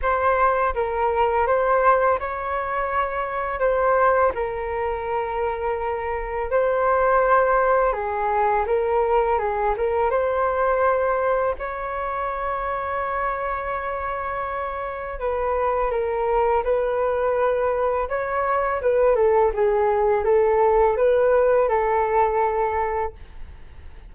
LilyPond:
\new Staff \with { instrumentName = "flute" } { \time 4/4 \tempo 4 = 83 c''4 ais'4 c''4 cis''4~ | cis''4 c''4 ais'2~ | ais'4 c''2 gis'4 | ais'4 gis'8 ais'8 c''2 |
cis''1~ | cis''4 b'4 ais'4 b'4~ | b'4 cis''4 b'8 a'8 gis'4 | a'4 b'4 a'2 | }